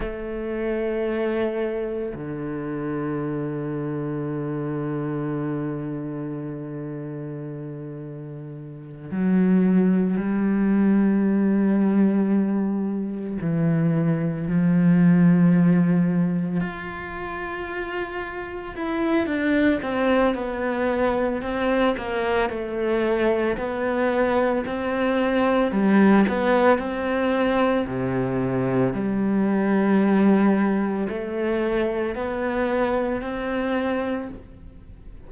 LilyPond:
\new Staff \with { instrumentName = "cello" } { \time 4/4 \tempo 4 = 56 a2 d2~ | d1~ | d8 fis4 g2~ g8~ | g8 e4 f2 f'8~ |
f'4. e'8 d'8 c'8 b4 | c'8 ais8 a4 b4 c'4 | g8 b8 c'4 c4 g4~ | g4 a4 b4 c'4 | }